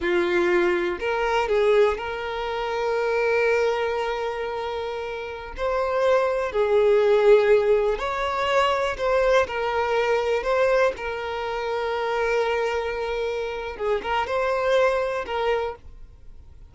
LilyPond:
\new Staff \with { instrumentName = "violin" } { \time 4/4 \tempo 4 = 122 f'2 ais'4 gis'4 | ais'1~ | ais'2.~ ais'16 c''8.~ | c''4~ c''16 gis'2~ gis'8.~ |
gis'16 cis''2 c''4 ais'8.~ | ais'4~ ais'16 c''4 ais'4.~ ais'16~ | ais'1 | gis'8 ais'8 c''2 ais'4 | }